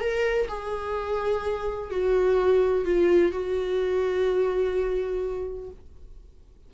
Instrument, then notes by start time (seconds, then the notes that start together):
viola
0.00 A#4
0.48 G#4
1.90 F#4
2.85 F4
3.31 F#4